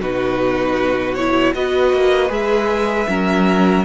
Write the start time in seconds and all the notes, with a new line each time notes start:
0.00 B2 D#4 F#4 B4
1.14 E4 C#5
1.54 B3 F#4 B4 D#5
1.93 A#3
2.28 G#3 G#4 E5
3.08 F#3 C#4 A#4